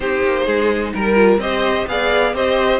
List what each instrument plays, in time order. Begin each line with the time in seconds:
0.00 cello C4, viola D#4, violin G4 C5
0.23 cello A#3
0.46 cello G#3, violin G#4
0.93 cello G3, violin A#4
1.15 viola F4
1.38 cello C4, viola G4, violin C5 D#5
1.87 cello B3, viola G#4, violin D5 F5
2.33 cello C4, viola G4, violin C5 D#5